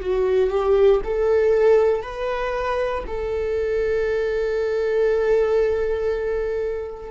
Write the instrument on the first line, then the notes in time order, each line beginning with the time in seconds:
viola
0.00 F#4
0.50 G4
1.04 A4
2.02 B4
3.06 A4